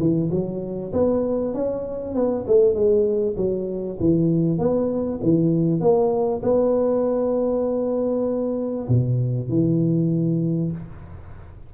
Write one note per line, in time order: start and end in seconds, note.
0.00 0.31 E3
0.32 0.93 F#3
0.93 1.54 B3
1.54 2.15 C#4
2.15 2.46 B3
2.47 2.75 A3
2.75 3.36 G#3
3.37 3.99 F#3
4.00 4.59 E3
4.59 5.20 B3
5.23 5.81 E3
5.81 6.42 A#3
6.43 8.88 B3
8.89 9.50 B2
9.50 10.72 E3